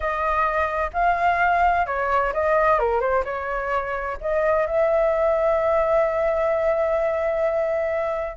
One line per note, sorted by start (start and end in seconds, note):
0.00 0.90 D#5
0.93 1.86 F5
1.86 2.33 C#5
2.33 2.79 D#5
2.79 3.00 A#4
3.00 3.23 C5
3.24 4.17 C#5
4.20 4.66 D#5
4.66 8.37 E5